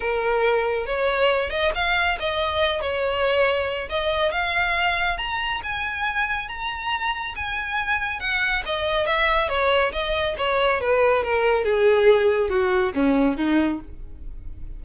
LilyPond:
\new Staff \with { instrumentName = "violin" } { \time 4/4 \tempo 4 = 139 ais'2 cis''4. dis''8 | f''4 dis''4. cis''4.~ | cis''4 dis''4 f''2 | ais''4 gis''2 ais''4~ |
ais''4 gis''2 fis''4 | dis''4 e''4 cis''4 dis''4 | cis''4 b'4 ais'4 gis'4~ | gis'4 fis'4 cis'4 dis'4 | }